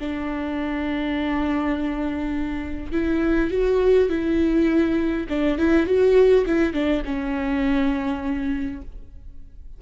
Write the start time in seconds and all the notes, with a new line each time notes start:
0.00 D4
2.93 E4
3.51 F#4
4.10 E4
5.30 D4
5.59 E4
5.87 F#4
6.47 E4
6.74 D4
7.06 C#4